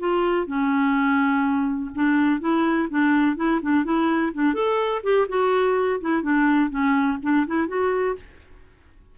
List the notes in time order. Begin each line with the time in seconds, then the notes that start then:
0.00 F4
0.48 C#4
1.95 D4
2.41 E4
2.90 D4
3.37 E4
3.62 D4
3.85 E4
4.34 D4
4.54 A4
5.04 G4
5.29 F#4
6.01 E4
6.23 D4
6.70 C#4
7.23 D4
7.47 E4
7.68 F#4